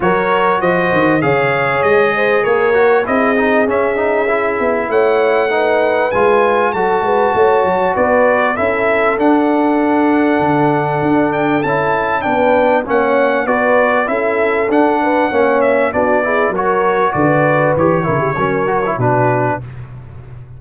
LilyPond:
<<
  \new Staff \with { instrumentName = "trumpet" } { \time 4/4 \tempo 4 = 98 cis''4 dis''4 f''4 dis''4 | cis''4 dis''4 e''2 | fis''2 gis''4 a''4~ | a''4 d''4 e''4 fis''4~ |
fis''2~ fis''8 g''8 a''4 | g''4 fis''4 d''4 e''4 | fis''4. e''8 d''4 cis''4 | d''4 cis''2 b'4 | }
  \new Staff \with { instrumentName = "horn" } { \time 4/4 ais'4 c''4 cis''4. c''8 | ais'4 gis'2. | cis''4 b'2 a'8 b'8 | cis''4 b'4 a'2~ |
a'1 | b'4 cis''4 b'4 a'4~ | a'8 b'8 cis''4 fis'8 gis'8 ais'4 | b'4. ais'16 g'16 ais'4 fis'4 | }
  \new Staff \with { instrumentName = "trombone" } { \time 4/4 fis'2 gis'2~ | gis'8 fis'8 e'8 dis'8 cis'8 dis'8 e'4~ | e'4 dis'4 f'4 fis'4~ | fis'2 e'4 d'4~ |
d'2. e'4 | d'4 cis'4 fis'4 e'4 | d'4 cis'4 d'8 e'8 fis'4~ | fis'4 g'8 e'8 cis'8 fis'16 e'16 d'4 | }
  \new Staff \with { instrumentName = "tuba" } { \time 4/4 fis4 f8 dis8 cis4 gis4 | ais4 c'4 cis'4. b8 | a2 gis4 fis8 gis8 | a8 fis8 b4 cis'4 d'4~ |
d'4 d4 d'4 cis'4 | b4 ais4 b4 cis'4 | d'4 ais4 b4 fis4 | d4 e8 cis8 fis4 b,4 | }
>>